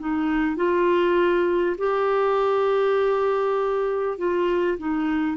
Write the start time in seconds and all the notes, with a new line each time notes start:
0.00 D#4
0.57 F4
1.78 G4
4.18 F4
4.79 D#4